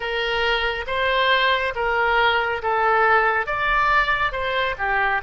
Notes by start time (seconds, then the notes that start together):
0.00 A#4
0.86 C5
1.75 A#4
2.62 A4
3.46 D5
4.32 C5
4.77 G4